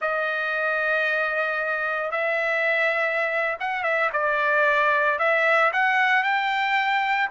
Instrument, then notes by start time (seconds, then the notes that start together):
trumpet
0.01 D#5
2.11 E5
3.60 F#5
3.83 E5
4.12 D5
5.18 E5
5.72 F#5
6.23 G5